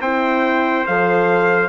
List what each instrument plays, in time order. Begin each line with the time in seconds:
0.00 bassoon C4, horn E4, trumpet C5 G5
0.86 bassoon F3, horn A4, trumpet F5